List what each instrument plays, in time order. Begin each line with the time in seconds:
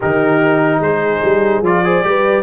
0.00 tuba D#3, trombone D#4, horn G4, trumpet A#4
0.79 tuba G#3, horn G#4, trumpet C5
1.23 tuba G3
1.61 tuba F3, trombone F4, trumpet D5
1.84 trombone G#4, horn C5
2.03 tuba G3, trombone G4, horn B4